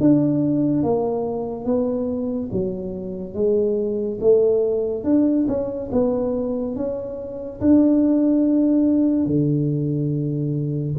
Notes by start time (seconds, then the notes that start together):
0.00 D4
0.83 A#3
1.65 B3
2.51 F#3
3.34 G#3
4.20 A3
5.04 D4
5.48 C#4
5.92 B3
6.75 C#4
7.60 D4
9.25 D3